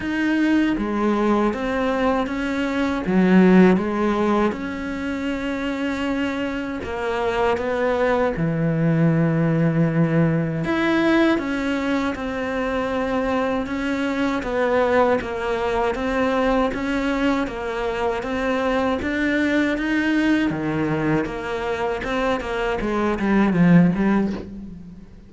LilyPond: \new Staff \with { instrumentName = "cello" } { \time 4/4 \tempo 4 = 79 dis'4 gis4 c'4 cis'4 | fis4 gis4 cis'2~ | cis'4 ais4 b4 e4~ | e2 e'4 cis'4 |
c'2 cis'4 b4 | ais4 c'4 cis'4 ais4 | c'4 d'4 dis'4 dis4 | ais4 c'8 ais8 gis8 g8 f8 g8 | }